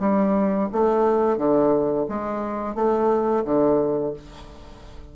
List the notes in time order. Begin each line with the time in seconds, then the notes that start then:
0.00 G3
0.72 A3
1.38 D3
2.09 G#3
2.75 A3
3.45 D3